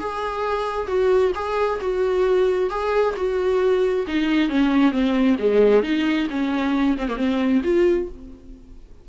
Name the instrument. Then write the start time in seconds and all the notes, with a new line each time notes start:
viola
0.00 G#4
0.88 F#4
1.35 G#4
1.81 F#4
2.70 G#4
3.17 F#4
4.08 D#4
4.49 C#4
4.92 C4
5.39 G#3
5.83 D#4
6.30 C#4
6.98 C4
7.09 A#3
7.17 C4
7.64 F4